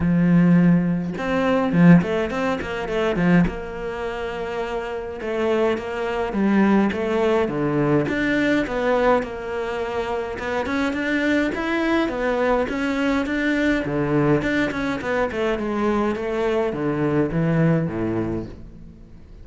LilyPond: \new Staff \with { instrumentName = "cello" } { \time 4/4 \tempo 4 = 104 f2 c'4 f8 a8 | c'8 ais8 a8 f8 ais2~ | ais4 a4 ais4 g4 | a4 d4 d'4 b4 |
ais2 b8 cis'8 d'4 | e'4 b4 cis'4 d'4 | d4 d'8 cis'8 b8 a8 gis4 | a4 d4 e4 a,4 | }